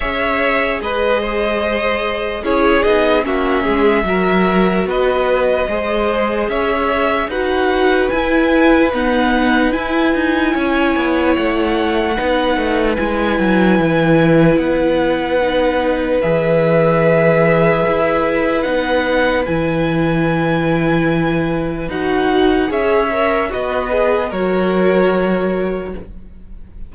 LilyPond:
<<
  \new Staff \with { instrumentName = "violin" } { \time 4/4 \tempo 4 = 74 e''4 dis''2 cis''8 dis''8 | e''2 dis''2 | e''4 fis''4 gis''4 fis''4 | gis''2 fis''2 |
gis''2 fis''2 | e''2. fis''4 | gis''2. fis''4 | e''4 dis''4 cis''2 | }
  \new Staff \with { instrumentName = "violin" } { \time 4/4 cis''4 b'8 c''4. gis'4 | fis'8 gis'8 ais'4 b'4 c''4 | cis''4 b'2.~ | b'4 cis''2 b'4~ |
b'1~ | b'1~ | b'1 | cis''4 fis'8 gis'8 ais'2 | }
  \new Staff \with { instrumentName = "viola" } { \time 4/4 gis'2. e'8 dis'8 | cis'4 fis'2 gis'4~ | gis'4 fis'4 e'4 b4 | e'2. dis'4 |
e'2. dis'4 | gis'2. dis'4 | e'2. fis'4 | gis'8 ais'8 b'4 fis'2 | }
  \new Staff \with { instrumentName = "cello" } { \time 4/4 cis'4 gis2 cis'8 b8 | ais8 gis8 fis4 b4 gis4 | cis'4 dis'4 e'4 dis'4 | e'8 dis'8 cis'8 b8 a4 b8 a8 |
gis8 fis8 e4 b2 | e2 e'4 b4 | e2. dis'4 | cis'4 b4 fis2 | }
>>